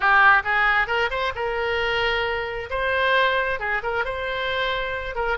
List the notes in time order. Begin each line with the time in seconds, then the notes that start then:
0.00 G4
0.44 G#4
0.87 A#4
1.10 C5
1.35 A#4
2.70 C5
3.59 G#4
3.82 A#4
4.05 C5
5.15 A#4